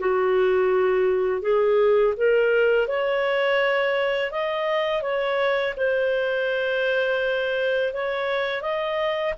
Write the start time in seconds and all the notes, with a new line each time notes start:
0.00 F#4
1.42 G#4
2.17 A#4
2.88 C#5
4.31 D#5
5.02 C#5
5.77 C5
7.94 C#5
8.62 D#5